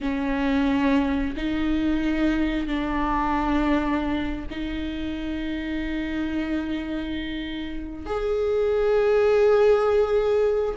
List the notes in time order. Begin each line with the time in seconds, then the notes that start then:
0.00 C#4
1.36 D#4
2.67 D4
4.50 D#4
8.06 G#4